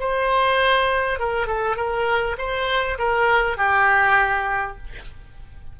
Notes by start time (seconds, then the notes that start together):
0.00 C5
1.19 A#4
1.47 A4
1.77 A#4
2.38 C5
2.99 A#4
3.57 G4